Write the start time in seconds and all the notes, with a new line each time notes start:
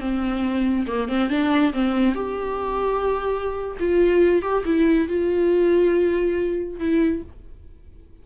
0.00 C4
0.87 A#3
1.09 C4
1.29 D4
1.73 C4
2.15 G4
3.80 F4
4.42 G4
4.65 E4
5.08 F4
6.79 E4